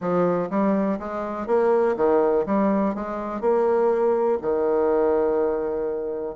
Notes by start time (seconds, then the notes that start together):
0.00 F3
0.50 G3
0.99 G#3
1.46 A#3
1.96 D#3
2.45 G3
2.94 G#3
3.40 A#3
4.41 D#3